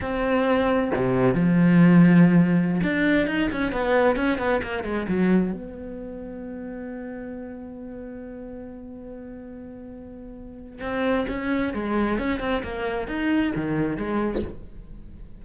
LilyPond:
\new Staff \with { instrumentName = "cello" } { \time 4/4 \tempo 4 = 133 c'2 c4 f4~ | f2~ f16 d'4 dis'8 cis'16~ | cis'16 b4 cis'8 b8 ais8 gis8 fis8.~ | fis16 b2.~ b8.~ |
b1~ | b1 | c'4 cis'4 gis4 cis'8 c'8 | ais4 dis'4 dis4 gis4 | }